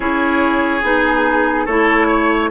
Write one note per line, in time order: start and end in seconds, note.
0.00 0.82 C#4
0.00 0.81 E4
0.00 1.65 G#4
0.00 0.83 C#5
0.82 1.66 B3
0.82 1.67 D#4
0.82 1.66 G#4
1.65 2.51 A3
1.65 2.51 E4
1.65 2.06 A4
1.65 2.49 C#5
2.08 2.49 C#5